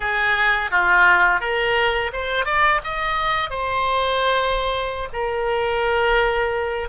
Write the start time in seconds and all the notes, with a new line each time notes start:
0.00 G#4
0.71 F4
1.40 A#4
2.12 C5
2.45 D5
2.84 D#5
3.49 C5
5.12 A#4